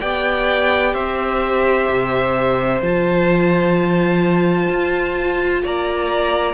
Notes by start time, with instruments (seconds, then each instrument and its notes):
0.00 cello B3, viola G4, violin D5 G5
0.93 cello C4, violin C5 E5
1.89 cello C3
2.81 cello F3, viola F4, violin A5
4.69 cello F4
5.63 cello A#3, violin D5 A#5